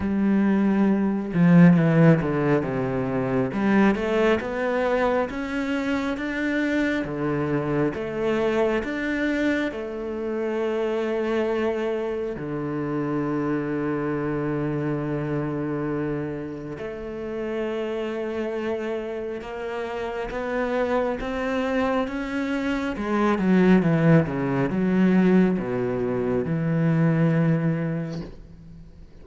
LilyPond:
\new Staff \with { instrumentName = "cello" } { \time 4/4 \tempo 4 = 68 g4. f8 e8 d8 c4 | g8 a8 b4 cis'4 d'4 | d4 a4 d'4 a4~ | a2 d2~ |
d2. a4~ | a2 ais4 b4 | c'4 cis'4 gis8 fis8 e8 cis8 | fis4 b,4 e2 | }